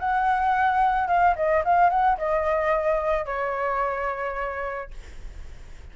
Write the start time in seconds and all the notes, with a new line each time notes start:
0.00 F#5
1.08 F5
1.36 D#5
1.65 F5
1.90 F#5
2.18 D#5
3.26 C#5